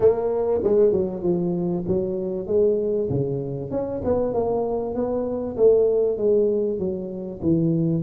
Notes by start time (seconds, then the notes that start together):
0.00 A#3
0.63 G#3
0.92 F#3
1.22 F3
1.87 F#3
2.47 G#3
3.09 C#3
3.70 C#4
4.04 B3
4.33 A#3
4.94 B3
5.57 A3
6.17 G#3
6.78 F#3
7.41 E3